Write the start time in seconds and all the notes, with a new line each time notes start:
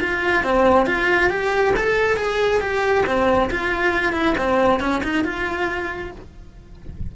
0.00 F4
0.43 C4
0.86 F4
1.30 G4
1.76 A4
2.17 G#4
2.61 G4
3.06 C4
3.50 F4
4.13 E4
4.38 C4
4.80 C#4
5.03 D#4
5.24 F4